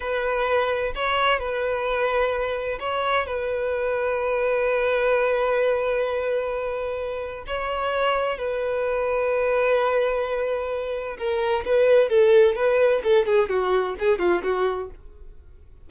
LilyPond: \new Staff \with { instrumentName = "violin" } { \time 4/4 \tempo 4 = 129 b'2 cis''4 b'4~ | b'2 cis''4 b'4~ | b'1~ | b'1 |
cis''2 b'2~ | b'1 | ais'4 b'4 a'4 b'4 | a'8 gis'8 fis'4 gis'8 f'8 fis'4 | }